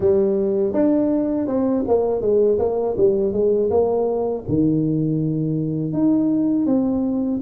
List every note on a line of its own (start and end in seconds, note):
0.00 0.73 G3
0.73 1.47 D4
1.47 1.84 C4
1.87 2.21 A#3
2.21 2.58 G#3
2.59 2.96 A#3
2.97 3.32 G3
3.32 3.69 G#3
3.70 4.44 A#3
4.48 5.92 D#3
5.92 6.66 D#4
6.66 7.40 C4